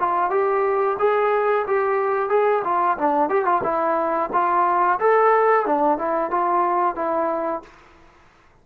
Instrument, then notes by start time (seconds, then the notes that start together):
trombone
0.00 F4
0.31 G4
0.99 G#4
1.68 G4
2.30 G#4
2.65 F4
2.98 D4
3.30 G4
3.45 F4
3.64 E4
4.33 F4
5.00 A4
5.66 D4
5.98 E4
6.31 F4
6.96 E4